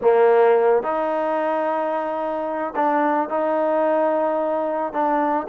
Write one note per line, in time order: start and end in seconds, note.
0.01 0.83 A#3
0.83 2.73 D#4
2.75 3.29 D4
3.29 4.92 D#4
4.92 5.47 D4